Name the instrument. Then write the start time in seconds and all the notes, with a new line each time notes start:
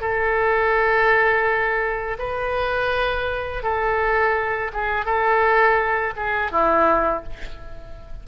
oboe
0.00 A4
2.18 B4
3.63 A4
4.73 G#4
5.05 A4
6.16 G#4
6.51 E4